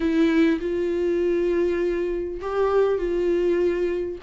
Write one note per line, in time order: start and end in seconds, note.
0.00 0.59 E4
0.60 2.40 F4
2.41 2.98 G4
2.98 4.18 F4